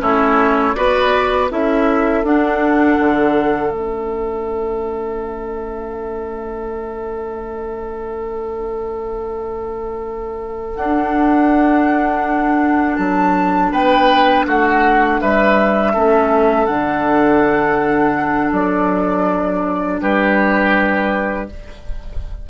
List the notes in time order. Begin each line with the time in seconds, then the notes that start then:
0.00 A3 C#4 E4 C#5
0.75 B3 F#4 B4 D5
1.50 C#4 E4 A4 E5
2.24 D4 F#5
2.99 D3
3.71 A3 C#4 E5
10.75 D4 F#5
12.96 F#3 A5
13.71 B3 B4 G5
14.46 A3 F#4 F#5
15.21 G3 B4 E5
15.94 A3 C#4 A4
16.66 D3 D4 F#5
18.52 F#3 D5
20.01 G3 G4 B4